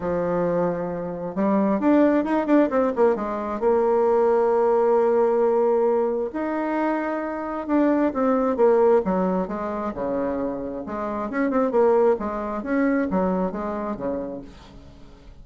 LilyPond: \new Staff \with { instrumentName = "bassoon" } { \time 4/4 \tempo 4 = 133 f2. g4 | d'4 dis'8 d'8 c'8 ais8 gis4 | ais1~ | ais2 dis'2~ |
dis'4 d'4 c'4 ais4 | fis4 gis4 cis2 | gis4 cis'8 c'8 ais4 gis4 | cis'4 fis4 gis4 cis4 | }